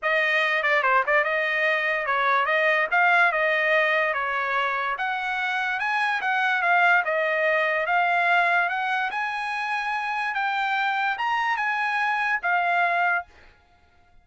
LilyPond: \new Staff \with { instrumentName = "trumpet" } { \time 4/4 \tempo 4 = 145 dis''4. d''8 c''8 d''8 dis''4~ | dis''4 cis''4 dis''4 f''4 | dis''2 cis''2 | fis''2 gis''4 fis''4 |
f''4 dis''2 f''4~ | f''4 fis''4 gis''2~ | gis''4 g''2 ais''4 | gis''2 f''2 | }